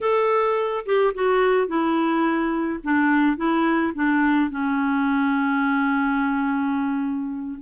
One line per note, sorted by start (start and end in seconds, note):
0.00 0.84 A4
0.85 1.13 G4
1.14 1.67 F#4
1.67 2.79 E4
2.83 3.36 D4
3.36 3.93 E4
3.94 4.50 D4
4.50 7.59 C#4